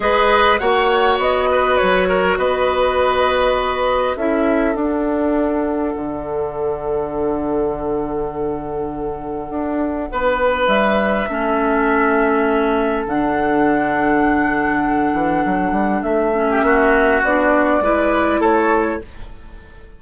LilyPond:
<<
  \new Staff \with { instrumentName = "flute" } { \time 4/4 \tempo 4 = 101 dis''4 fis''4 dis''4 cis''4 | dis''2. e''4 | fis''1~ | fis''1~ |
fis''2 e''2~ | e''2 fis''2~ | fis''2. e''4~ | e''4 d''2 cis''4 | }
  \new Staff \with { instrumentName = "oboe" } { \time 4/4 b'4 cis''4. b'4 ais'8 | b'2. a'4~ | a'1~ | a'1~ |
a'4 b'2 a'4~ | a'1~ | a'2.~ a'8. g'16 | fis'2 b'4 a'4 | }
  \new Staff \with { instrumentName = "clarinet" } { \time 4/4 gis'4 fis'2.~ | fis'2. e'4 | d'1~ | d'1~ |
d'2. cis'4~ | cis'2 d'2~ | d'2.~ d'8 cis'8~ | cis'4 d'4 e'2 | }
  \new Staff \with { instrumentName = "bassoon" } { \time 4/4 gis4 ais4 b4 fis4 | b2. cis'4 | d'2 d2~ | d1 |
d'4 b4 g4 a4~ | a2 d2~ | d4. e8 fis8 g8 a4 | ais4 b4 gis4 a4 | }
>>